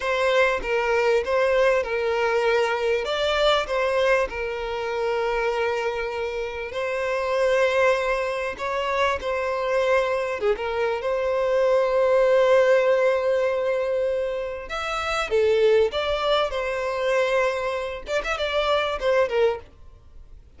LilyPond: \new Staff \with { instrumentName = "violin" } { \time 4/4 \tempo 4 = 98 c''4 ais'4 c''4 ais'4~ | ais'4 d''4 c''4 ais'4~ | ais'2. c''4~ | c''2 cis''4 c''4~ |
c''4 gis'16 ais'8. c''2~ | c''1 | e''4 a'4 d''4 c''4~ | c''4. d''16 e''16 d''4 c''8 ais'8 | }